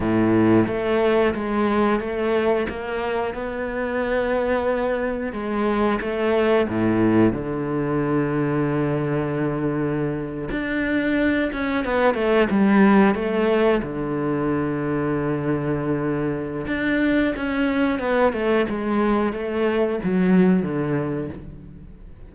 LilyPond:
\new Staff \with { instrumentName = "cello" } { \time 4/4 \tempo 4 = 90 a,4 a4 gis4 a4 | ais4 b2. | gis4 a4 a,4 d4~ | d2.~ d8. d'16~ |
d'4~ d'16 cis'8 b8 a8 g4 a16~ | a8. d2.~ d16~ | d4 d'4 cis'4 b8 a8 | gis4 a4 fis4 d4 | }